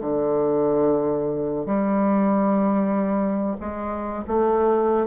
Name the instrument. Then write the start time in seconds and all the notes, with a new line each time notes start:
bassoon
0.00 D3
1.66 G3
3.60 G#3
4.28 A3